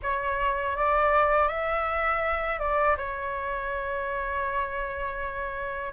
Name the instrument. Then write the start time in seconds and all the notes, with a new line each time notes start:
flute
0.02 C#5
0.76 D5
1.48 E5
2.59 D5
2.97 C#5